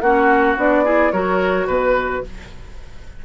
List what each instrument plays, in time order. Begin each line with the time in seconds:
0.00 bassoon A#3, clarinet C#4, oboe F#4, flute F#5
0.56 bassoon B3, clarinet D4, flute D5
0.84 clarinet E4, oboe G#4
1.11 bassoon F#3, clarinet F#4, oboe A#4, flute C#5
1.66 bassoon B2, oboe B4, flute B4